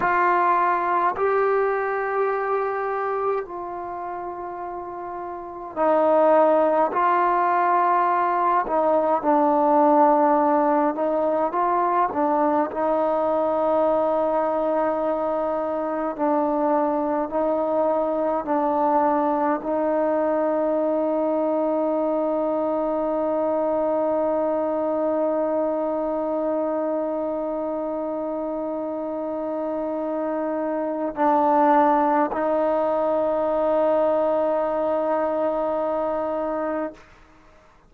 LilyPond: \new Staff \with { instrumentName = "trombone" } { \time 4/4 \tempo 4 = 52 f'4 g'2 f'4~ | f'4 dis'4 f'4. dis'8 | d'4. dis'8 f'8 d'8 dis'4~ | dis'2 d'4 dis'4 |
d'4 dis'2.~ | dis'1~ | dis'2. d'4 | dis'1 | }